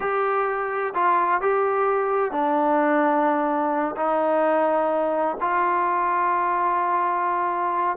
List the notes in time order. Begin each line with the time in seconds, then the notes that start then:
0.00 G4
0.94 F4
1.41 G4
2.31 D4
3.96 D#4
5.40 F4